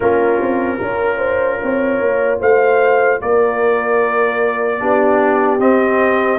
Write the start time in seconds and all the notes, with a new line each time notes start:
0.00 A#3 C#4 F4 A#4
0.40 C4
0.76 C#4 F4 A#4
1.17 C5
1.62 C4 C#5
2.00 A#3
2.40 A3 C5 F5
3.21 A#3 A#4 D5
4.79 B3 D4 G4
5.59 C4 D#5